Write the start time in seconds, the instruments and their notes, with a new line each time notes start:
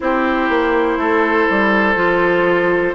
0.00 bassoon C4, clarinet E4, oboe G4, flute C5
0.49 bassoon A#3
0.97 bassoon A3, oboe A4
1.50 bassoon G3
1.95 bassoon F3, clarinet F4